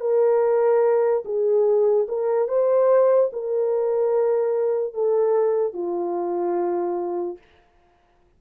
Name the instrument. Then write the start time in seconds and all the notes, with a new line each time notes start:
horn
0.00 A#4
1.25 G#4
2.08 A#4
2.48 C5
3.32 A#4
4.94 A4
5.73 F4